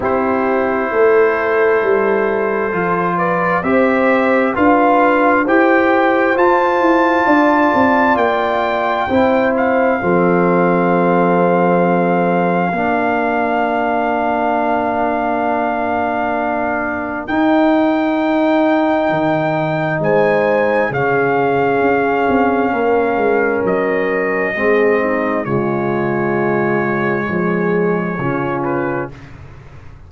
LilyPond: <<
  \new Staff \with { instrumentName = "trumpet" } { \time 4/4 \tempo 4 = 66 c''2.~ c''8 d''8 | e''4 f''4 g''4 a''4~ | a''4 g''4. f''4.~ | f''1~ |
f''2. g''4~ | g''2 gis''4 f''4~ | f''2 dis''2 | cis''2.~ cis''8 b'8 | }
  \new Staff \with { instrumentName = "horn" } { \time 4/4 g'4 a'2~ a'8 b'8 | c''4 b'4 c''2 | d''2 c''4 a'4~ | a'2 ais'2~ |
ais'1~ | ais'2 c''4 gis'4~ | gis'4 ais'2 gis'8 dis'8 | f'2 gis'4 f'4 | }
  \new Staff \with { instrumentName = "trombone" } { \time 4/4 e'2. f'4 | g'4 f'4 g'4 f'4~ | f'2 e'4 c'4~ | c'2 d'2~ |
d'2. dis'4~ | dis'2. cis'4~ | cis'2. c'4 | gis2. cis'4 | }
  \new Staff \with { instrumentName = "tuba" } { \time 4/4 c'4 a4 g4 f4 | c'4 d'4 e'4 f'8 e'8 | d'8 c'8 ais4 c'4 f4~ | f2 ais2~ |
ais2. dis'4~ | dis'4 dis4 gis4 cis4 | cis'8 c'8 ais8 gis8 fis4 gis4 | cis2 f4 cis4 | }
>>